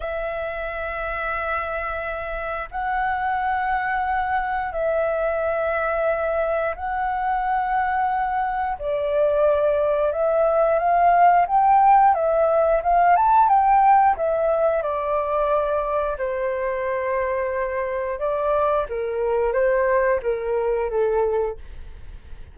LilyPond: \new Staff \with { instrumentName = "flute" } { \time 4/4 \tempo 4 = 89 e''1 | fis''2. e''4~ | e''2 fis''2~ | fis''4 d''2 e''4 |
f''4 g''4 e''4 f''8 a''8 | g''4 e''4 d''2 | c''2. d''4 | ais'4 c''4 ais'4 a'4 | }